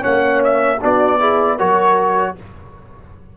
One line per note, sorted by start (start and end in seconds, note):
0.00 0.82 A#3
0.00 0.77 C#4
0.00 0.77 C#5
0.00 0.42 F#5
0.43 0.82 E5
0.81 1.60 B3
0.81 1.19 D4
0.81 1.19 F#4
0.81 1.58 D5
1.19 1.58 E4
1.19 1.57 G#4
1.57 2.37 F#3
1.57 2.35 F#4
1.57 2.34 A#4
1.57 2.35 C#5